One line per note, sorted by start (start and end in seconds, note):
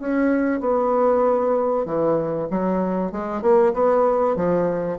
0.00 0.61 C#4
0.61 1.86 B3
1.86 2.49 E3
2.51 3.12 F#3
3.12 3.42 G#3
3.42 3.73 A#3
3.74 4.36 B3
4.36 4.99 F3